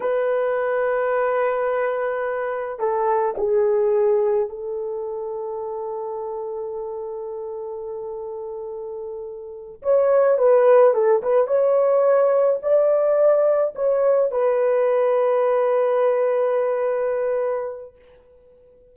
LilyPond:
\new Staff \with { instrumentName = "horn" } { \time 4/4 \tempo 4 = 107 b'1~ | b'4 a'4 gis'2 | a'1~ | a'1~ |
a'4. cis''4 b'4 a'8 | b'8 cis''2 d''4.~ | d''8 cis''4 b'2~ b'8~ | b'1 | }